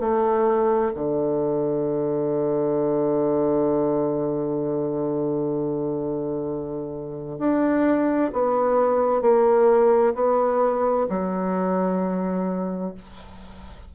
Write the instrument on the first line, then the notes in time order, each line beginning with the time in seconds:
bassoon
0.00 A3
0.94 D3
7.39 D4
8.33 B3
9.22 A#3
10.15 B3
11.09 F#3